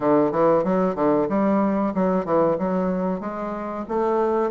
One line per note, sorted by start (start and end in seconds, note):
0.00 0.31 D3
0.31 0.63 E3
0.64 0.95 F#3
0.95 1.27 D3
1.28 1.93 G3
1.94 2.25 F#3
2.25 2.57 E3
2.58 3.20 F#3
3.20 3.85 G#3
3.88 4.50 A3